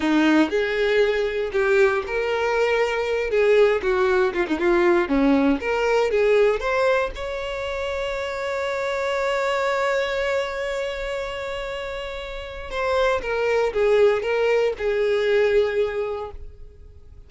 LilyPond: \new Staff \with { instrumentName = "violin" } { \time 4/4 \tempo 4 = 118 dis'4 gis'2 g'4 | ais'2~ ais'8 gis'4 fis'8~ | fis'8 f'16 dis'16 f'4 cis'4 ais'4 | gis'4 c''4 cis''2~ |
cis''1~ | cis''1~ | cis''4 c''4 ais'4 gis'4 | ais'4 gis'2. | }